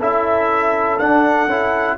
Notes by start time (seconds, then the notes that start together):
0.00 C#4 E4 A4 E5
1.00 D4 F#5
1.48 C#4 E4